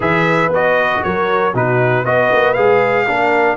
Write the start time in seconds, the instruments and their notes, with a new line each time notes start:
0.00 tuba E3, trombone G#4, horn B4, trumpet E5
0.48 tuba B3, trombone F#4, trumpet D#5
1.03 tuba F#3, horn A#4, trumpet C#5
1.53 tuba B2, trombone D#4, horn F#4, trumpet B4
2.04 tuba B3, trombone F#4, horn B4, trumpet D#5
2.32 tuba A#3
2.53 tuba G#3, trombone G#4, trumpet F5
3.05 tuba A#3, trombone D4, horn A#4